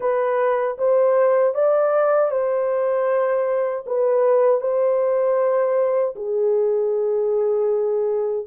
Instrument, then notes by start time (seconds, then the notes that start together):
horn
0.00 B4
0.78 C5
1.54 D5
2.30 C5
3.86 B4
4.60 C5
6.15 G#4